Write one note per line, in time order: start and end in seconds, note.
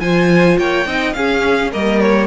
0.00 0.57 F3
0.00 0.86 F4
0.00 0.59 C5
0.00 0.57 G#5
0.58 0.86 A#3
0.58 0.87 C#5
0.58 1.13 G5
0.86 1.14 C4
0.86 1.15 D#4
0.86 1.15 D#5
1.13 1.72 C#4
1.13 1.72 G#4
1.13 1.70 F5
1.72 2.27 G3
1.72 2.27 A#3
1.72 2.27 A#4
1.72 2.00 D#5
2.00 2.27 C#5